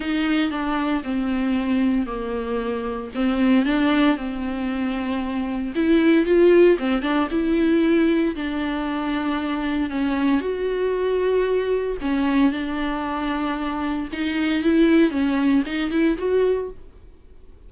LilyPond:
\new Staff \with { instrumentName = "viola" } { \time 4/4 \tempo 4 = 115 dis'4 d'4 c'2 | ais2 c'4 d'4 | c'2. e'4 | f'4 c'8 d'8 e'2 |
d'2. cis'4 | fis'2. cis'4 | d'2. dis'4 | e'4 cis'4 dis'8 e'8 fis'4 | }